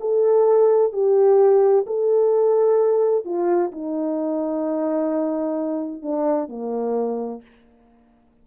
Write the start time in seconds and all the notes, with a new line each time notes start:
0.00 A4
0.92 G4
1.86 A4
3.25 F4
3.72 D#4
6.02 D4
6.48 A#3